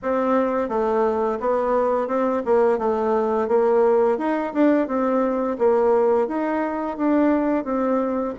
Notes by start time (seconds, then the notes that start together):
0.02 C4
0.68 A3
1.40 B3
2.07 C4
2.45 A#3
2.78 A3
3.48 A#3
4.18 D#4
4.53 D4
4.87 C4
5.58 A#3
6.27 D#4
6.97 D4
7.64 C4